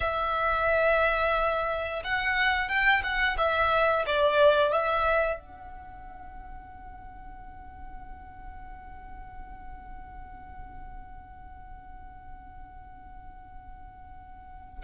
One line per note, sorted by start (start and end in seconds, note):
0.00 2.02 E5
2.04 2.68 F#5
2.68 3.02 G5
3.03 3.36 F#5
3.37 4.04 E5
4.06 4.72 D5
4.72 5.39 E5
5.39 14.83 F#5